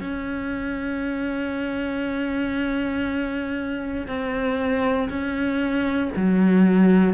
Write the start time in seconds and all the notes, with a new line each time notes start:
0.00 C#4
4.07 C4
5.09 C#4
6.16 F#3